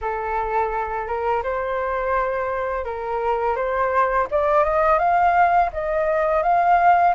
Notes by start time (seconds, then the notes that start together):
0.01 A4
1.07 A#4
1.43 C5
2.84 A#4
3.56 C5
4.31 D5
4.64 D#5
4.98 F5
5.72 D#5
6.43 F5